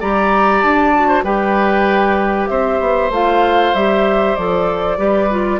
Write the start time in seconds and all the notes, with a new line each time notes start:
0.00 G3 G4 D5 A#5
0.62 D4 A5
0.95 F#4
1.08 C5
1.24 G3 G4 B4 G5
2.48 C4 C5 E5
2.80 B3
3.10 A3 F4 F5
3.74 G3 G4 E5
4.36 F3 A4 D5
4.98 G3 G4 B4
5.30 F4